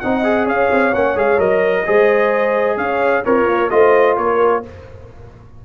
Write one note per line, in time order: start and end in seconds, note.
0.00 0.47 C4
0.00 0.24 D#4
0.00 0.46 D#5
0.00 0.46 F#5
0.24 0.93 G#4
0.46 0.70 C#4
0.46 1.84 C#5
0.46 0.94 F5
0.71 0.94 C4
0.94 1.15 A#3
0.94 1.16 C#4
0.94 1.17 F#5
1.15 1.38 G#3
1.15 1.38 G#4
1.15 1.40 F5
1.38 1.85 F#3
1.38 1.84 A#4
1.38 2.78 D#5
1.86 2.77 G#3
1.86 3.24 G#4
1.86 2.77 C5
2.77 3.23 C#4
2.77 3.24 C#5
2.77 3.24 F5
3.25 3.46 C4
3.25 3.72 F4
3.25 3.70 A#4
3.25 3.70 C#5
3.46 3.70 A#3
3.70 4.18 A3
3.70 4.63 F4
3.70 4.19 C5
3.70 4.16 D#5
4.17 4.64 A#3
4.17 4.65 A#4
4.17 4.63 C#5